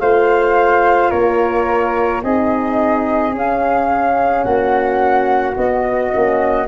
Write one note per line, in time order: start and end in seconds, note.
0.00 1.11 A3
0.00 2.24 F4
0.00 1.10 C5
0.00 1.11 F5
1.10 2.23 A#3
1.10 2.22 A#4
1.10 2.22 C#5
2.23 3.33 C4
2.23 3.33 D#4
2.23 4.45 G#4
2.23 3.34 D#5
3.33 4.44 C#4
3.33 5.56 C#4
3.33 4.44 F5
4.44 5.56 A#3
4.44 6.67 F#4
4.44 5.55 F#5
5.57 6.11 B3
5.57 6.12 B3
5.57 6.68 D#5
6.11 6.68 A#3
6.11 6.67 C#4